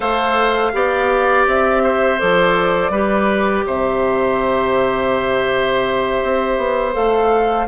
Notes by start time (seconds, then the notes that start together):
0.00 A3 A4 C5 F5
0.72 B3 G4 D5
1.47 C4 E5
1.83 C5
2.18 F3 A4 D5
2.89 G3 G4 B4
3.66 C3 C5 E5
6.22 C4
6.57 B3
6.93 A3 A4 F5